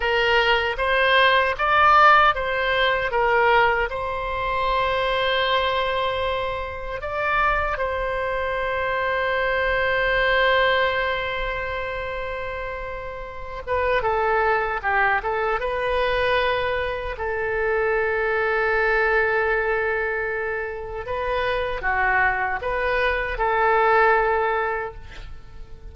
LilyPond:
\new Staff \with { instrumentName = "oboe" } { \time 4/4 \tempo 4 = 77 ais'4 c''4 d''4 c''4 | ais'4 c''2.~ | c''4 d''4 c''2~ | c''1~ |
c''4. b'8 a'4 g'8 a'8 | b'2 a'2~ | a'2. b'4 | fis'4 b'4 a'2 | }